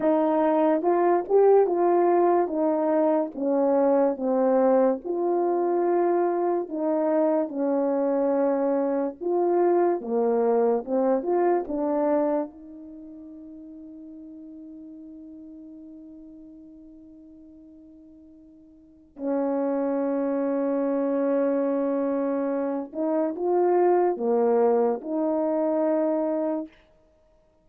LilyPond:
\new Staff \with { instrumentName = "horn" } { \time 4/4 \tempo 4 = 72 dis'4 f'8 g'8 f'4 dis'4 | cis'4 c'4 f'2 | dis'4 cis'2 f'4 | ais4 c'8 f'8 d'4 dis'4~ |
dis'1~ | dis'2. cis'4~ | cis'2.~ cis'8 dis'8 | f'4 ais4 dis'2 | }